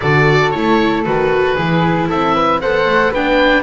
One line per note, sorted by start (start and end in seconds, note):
0.00 0.54 D3
0.00 0.54 F#4
0.00 1.54 A4
0.00 0.50 D5
0.50 1.06 A3
0.50 1.05 E4
0.50 1.02 C#5
1.04 1.58 D#3
1.04 1.57 F#4
1.04 2.09 B4
1.54 2.09 E3
1.54 2.62 E4
1.54 2.06 G#4
2.08 2.61 C4
2.08 2.34 A4
2.08 2.60 E5
2.34 2.60 B4
2.60 2.85 B3
2.60 3.14 A4
2.60 3.11 C5
2.60 3.13 F#5
2.85 3.11 A3
3.11 3.63 B3
3.11 3.63 D4
3.11 3.63 B4
3.11 3.63 G5